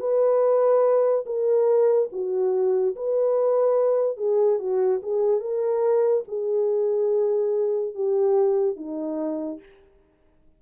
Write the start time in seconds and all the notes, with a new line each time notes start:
0.00 B4
1.26 A#4
2.12 F#4
2.96 B4
4.17 G#4
4.59 F#4
5.03 G#4
5.41 A#4
6.28 G#4
7.95 G4
8.76 D#4